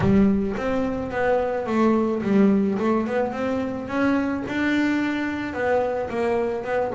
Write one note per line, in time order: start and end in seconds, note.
0.00 0.55 G3
0.57 1.10 C4
1.10 1.66 B3
1.66 2.21 A3
2.22 2.78 G3
2.79 3.06 A3
3.07 3.32 B3
3.32 3.87 C4
3.87 4.43 C#4
4.47 5.53 D4
5.53 6.09 B3
6.09 6.64 A#3
6.64 6.92 B3